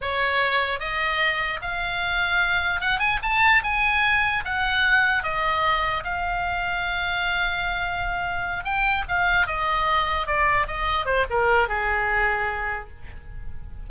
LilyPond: \new Staff \with { instrumentName = "oboe" } { \time 4/4 \tempo 4 = 149 cis''2 dis''2 | f''2. fis''8 gis''8 | a''4 gis''2 fis''4~ | fis''4 dis''2 f''4~ |
f''1~ | f''4. g''4 f''4 dis''8~ | dis''4. d''4 dis''4 c''8 | ais'4 gis'2. | }